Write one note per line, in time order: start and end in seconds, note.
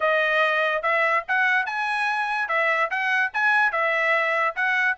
0.00 0.82 D#5
0.82 1.23 E5
1.28 1.66 F#5
1.66 2.48 G#5
2.48 2.89 E5
2.90 3.31 F#5
3.33 3.72 G#5
3.72 4.54 E5
4.55 4.97 F#5